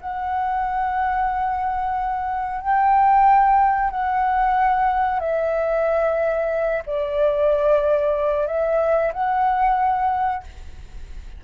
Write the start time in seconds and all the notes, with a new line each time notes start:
0.00 F#5
2.61 G5
3.90 F#5
5.19 E5
6.86 D5
8.47 E5
9.12 F#5